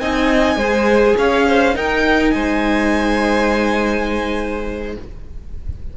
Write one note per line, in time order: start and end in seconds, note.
0.00 0.56 C4
0.00 0.59 D#4
0.00 0.58 D#5
0.00 1.17 G#5
0.56 1.14 G#3
0.56 1.73 G#4
0.56 1.16 C5
1.18 1.76 C#4
1.18 1.47 C#5
1.18 1.77 F5
1.48 1.76 C5
1.73 4.94 D#4
1.73 2.34 D#4
1.73 2.34 A#4
1.73 2.31 G5
2.31 4.97 G#3
2.31 4.97 C5
2.31 4.93 G#5